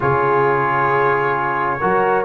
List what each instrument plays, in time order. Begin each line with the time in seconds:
0.00 tuba C#3, trombone F4, horn G#4, trumpet C#5
1.80 tuba F#3, trombone F#4, horn A#4